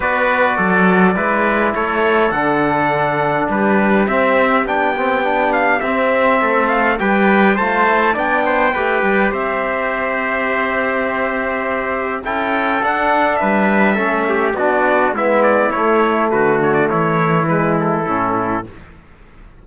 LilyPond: <<
  \new Staff \with { instrumentName = "trumpet" } { \time 4/4 \tempo 4 = 103 d''2. cis''4 | fis''2 b'4 e''4 | g''4. f''8 e''4. f''8 | g''4 a''4 g''2 |
e''1~ | e''4 g''4 fis''4 e''4~ | e''4 d''4 e''8 d''8 cis''4 | b'8 cis''16 d''16 cis''4 b'8 a'4. | }
  \new Staff \with { instrumentName = "trumpet" } { \time 4/4 b'4 a'4 b'4 a'4~ | a'2 g'2~ | g'2. a'4 | b'4 c''4 d''8 c''8 b'4 |
c''1~ | c''4 a'2 b'4 | a'8 g'8 fis'4 e'2 | fis'4 e'2. | }
  \new Staff \with { instrumentName = "trombone" } { \time 4/4 fis'2 e'2 | d'2. c'4 | d'8 c'8 d'4 c'2 | g'4 f'8 e'8 d'4 g'4~ |
g'1~ | g'4 e'4 d'2 | cis'4 d'4 b4 a4~ | a2 gis4 cis'4 | }
  \new Staff \with { instrumentName = "cello" } { \time 4/4 b4 fis4 gis4 a4 | d2 g4 c'4 | b2 c'4 a4 | g4 a4 b4 a8 g8 |
c'1~ | c'4 cis'4 d'4 g4 | a4 b4 gis4 a4 | d4 e2 a,4 | }
>>